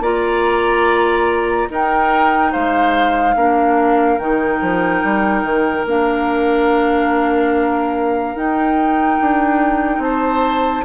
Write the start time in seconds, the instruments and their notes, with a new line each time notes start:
0.00 bassoon A#3, clarinet F4, oboe D5, flute A#5
1.70 clarinet D#4, bassoon D#4, oboe A#4, flute G5
2.52 bassoon G#3, oboe C5, flute F5
3.35 bassoon A#3, clarinet D4, oboe A#4
4.18 bassoon D#3, clarinet D#4, flute G5
4.61 bassoon F3
5.03 bassoon G3
5.43 bassoon D#3
5.86 bassoon A#3, clarinet D4, flute F5
8.35 bassoon D#4, clarinet D#4, flute G5
9.21 bassoon D4
9.99 bassoon C4, oboe C5, flute A5